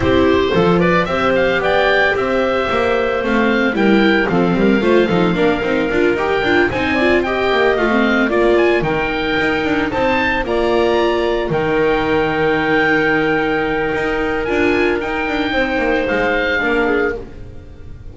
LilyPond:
<<
  \new Staff \with { instrumentName = "oboe" } { \time 4/4 \tempo 4 = 112 c''4. d''8 e''8 f''8 g''4 | e''2 f''4 g''4 | f''2.~ f''8 g''8~ | g''8 gis''4 g''4 f''4 d''8 |
gis''8 g''2 a''4 ais''8~ | ais''4. g''2~ g''8~ | g''2. gis''4 | g''2 f''2 | }
  \new Staff \with { instrumentName = "clarinet" } { \time 4/4 g'4 a'8 b'8 c''4 d''4 | c''2. ais'4 | a'8 ais'8 c''8 a'8 ais'2~ | ais'8 c''8 d''8 dis''2 d''8~ |
d''8 ais'2 c''4 d''8~ | d''4. ais'2~ ais'8~ | ais'1~ | ais'4 c''2 ais'8 gis'8 | }
  \new Staff \with { instrumentName = "viola" } { \time 4/4 e'4 f'4 g'2~ | g'2 c'4 e'4 | c'4 f'8 dis'8 d'8 dis'8 f'8 g'8 | f'8 dis'8 f'8 g'4 f'16 c'8. f'8~ |
f'8 dis'2. f'8~ | f'4. dis'2~ dis'8~ | dis'2. f'4 | dis'2. d'4 | }
  \new Staff \with { instrumentName = "double bass" } { \time 4/4 c'4 f4 c'4 b4 | c'4 ais4 a4 g4 | f8 g8 a8 f8 ais8 c'8 d'8 dis'8 | d'8 c'4. ais8 a4 ais8~ |
ais8 dis4 dis'8 d'8 c'4 ais8~ | ais4. dis2~ dis8~ | dis2 dis'4 d'4 | dis'8 d'8 c'8 ais8 gis4 ais4 | }
>>